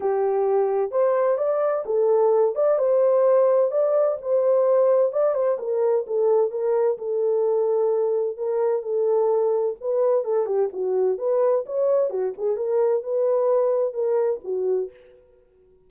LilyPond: \new Staff \with { instrumentName = "horn" } { \time 4/4 \tempo 4 = 129 g'2 c''4 d''4 | a'4. d''8 c''2 | d''4 c''2 d''8 c''8 | ais'4 a'4 ais'4 a'4~ |
a'2 ais'4 a'4~ | a'4 b'4 a'8 g'8 fis'4 | b'4 cis''4 fis'8 gis'8 ais'4 | b'2 ais'4 fis'4 | }